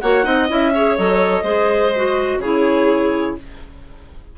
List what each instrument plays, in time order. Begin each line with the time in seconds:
0.00 bassoon A#3, clarinet F#4 F#5, violin C#5
0.23 bassoon C4, clarinet D#4, violin D#5
0.48 bassoon C#4, clarinet E4 E5
0.74 clarinet G#4, violin C#5
0.97 bassoon F#3, clarinet A4 D#5
1.43 bassoon G#3, clarinet G#4, violin C5
1.95 clarinet F#4
2.38 bassoon C#3, clarinet E4 C#5, violin G#4